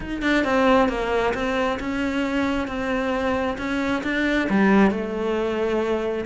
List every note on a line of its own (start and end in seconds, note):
0.00 0.22 D#4
0.22 0.44 D4
0.44 0.89 C4
0.89 1.33 A#3
1.34 1.78 C4
1.79 2.67 C#4
2.67 3.57 C4
3.58 4.02 C#4
4.03 4.48 D4
4.49 4.91 G3
4.91 6.25 A3